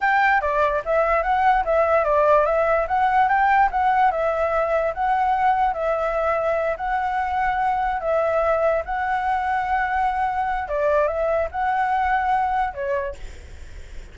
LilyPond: \new Staff \with { instrumentName = "flute" } { \time 4/4 \tempo 4 = 146 g''4 d''4 e''4 fis''4 | e''4 d''4 e''4 fis''4 | g''4 fis''4 e''2 | fis''2 e''2~ |
e''8 fis''2. e''8~ | e''4. fis''2~ fis''8~ | fis''2 d''4 e''4 | fis''2. cis''4 | }